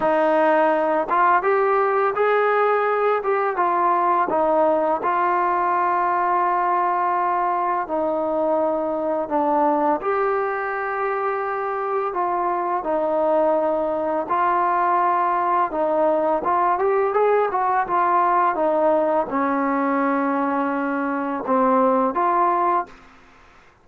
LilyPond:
\new Staff \with { instrumentName = "trombone" } { \time 4/4 \tempo 4 = 84 dis'4. f'8 g'4 gis'4~ | gis'8 g'8 f'4 dis'4 f'4~ | f'2. dis'4~ | dis'4 d'4 g'2~ |
g'4 f'4 dis'2 | f'2 dis'4 f'8 g'8 | gis'8 fis'8 f'4 dis'4 cis'4~ | cis'2 c'4 f'4 | }